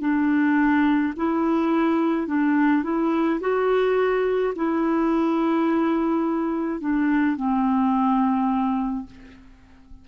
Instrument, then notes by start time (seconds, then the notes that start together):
clarinet
0.00 D4
1.16 E4
2.27 D4
2.83 E4
3.40 F#4
4.55 E4
6.80 D4
7.36 C4